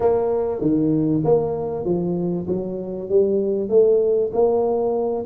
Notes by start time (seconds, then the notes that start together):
0.00 A#3
0.61 D#3
1.24 A#3
1.84 F3
2.47 F#3
3.09 G3
3.69 A3
4.33 A#3